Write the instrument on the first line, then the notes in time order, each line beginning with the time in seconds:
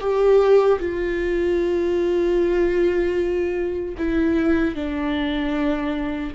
viola
0.00 G4
0.79 F4
3.98 E4
4.75 D4